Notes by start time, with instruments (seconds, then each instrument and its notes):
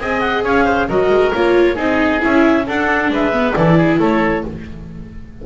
0.00 double bass C4, viola G#4, oboe D#5, clarinet G#5
0.21 clarinet F#5
0.44 double bass C#4, oboe C#5, clarinet F5
0.65 oboe C5
0.89 double bass F#3, viola F#4, oboe A#4, clarinet D#5
1.10 double bass G#3
1.34 double bass A#3, viola F4, clarinet C#5
1.75 double bass C4, viola D#4, oboe G#4, clarinet D#5
2.20 double bass C#4, viola E4, clarinet E5
2.67 double bass D4, viola D4, oboe A4, clarinet F#5
3.10 double bass G#3, oboe B4, clarinet E5
3.33 viola B3
3.53 double bass E3, viola E4, oboe A4, clarinet D5
3.78 oboe G#4
3.99 double bass A3, oboe A4, clarinet C#5